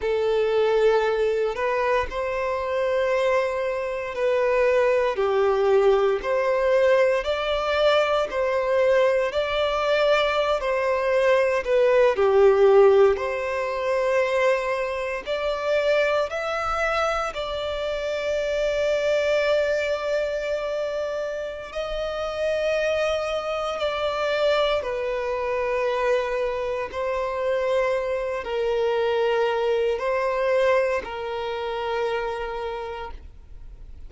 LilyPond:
\new Staff \with { instrumentName = "violin" } { \time 4/4 \tempo 4 = 58 a'4. b'8 c''2 | b'4 g'4 c''4 d''4 | c''4 d''4~ d''16 c''4 b'8 g'16~ | g'8. c''2 d''4 e''16~ |
e''8. d''2.~ d''16~ | d''4 dis''2 d''4 | b'2 c''4. ais'8~ | ais'4 c''4 ais'2 | }